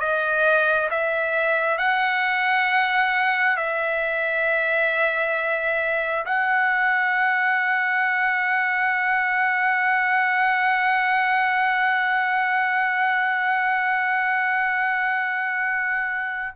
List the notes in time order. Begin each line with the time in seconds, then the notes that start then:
0.00 D#5
0.91 E5
1.78 F#5
3.57 E5
6.26 F#5